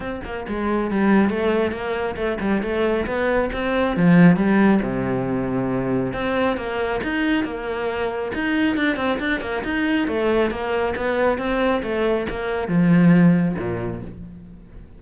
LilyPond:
\new Staff \with { instrumentName = "cello" } { \time 4/4 \tempo 4 = 137 c'8 ais8 gis4 g4 a4 | ais4 a8 g8 a4 b4 | c'4 f4 g4 c4~ | c2 c'4 ais4 |
dis'4 ais2 dis'4 | d'8 c'8 d'8 ais8 dis'4 a4 | ais4 b4 c'4 a4 | ais4 f2 ais,4 | }